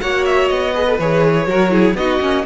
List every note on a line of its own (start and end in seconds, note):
0.00 0.50 A#3
0.00 0.73 F#4
0.00 0.73 C#5
0.00 0.24 F#5
0.25 0.48 E5
0.48 0.99 B3
0.48 0.97 D#5
0.73 0.86 G#4
0.73 1.46 B4
0.87 0.99 A4
0.99 1.46 E3
0.99 1.47 G#4
0.99 1.96 C#5
1.46 1.94 F#3
1.46 1.70 F#4
1.46 1.72 A#4
1.70 1.95 E4
1.70 1.97 G#4
1.94 2.19 B3
1.94 2.21 D#4
1.94 2.46 F#4
1.94 2.45 D#5
2.20 2.44 A#3
2.20 2.45 C#4